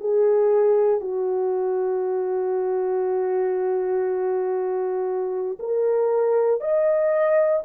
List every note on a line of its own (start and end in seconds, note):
0.00 1.00 G#4
1.00 5.57 F#4
5.59 6.61 A#4
6.61 7.62 D#5